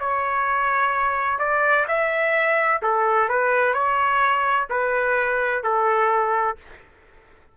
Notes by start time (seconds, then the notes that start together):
0.00 C#5
1.39 D5
1.88 E5
2.83 A4
3.29 B4
3.74 C#5
4.70 B4
5.64 A4